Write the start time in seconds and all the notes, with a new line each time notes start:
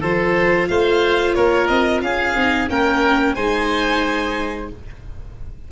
0.00 F3 F4 A4 C5
0.68 A3 C5 F5
1.34 A#3 A#4 C#5
1.67 C4 D#5
2.01 C#4 G#4 F5
2.35 C4 D#4
2.68 A#3 C#4 A#4 G5
3.34 G#3 D#4 C5 G#5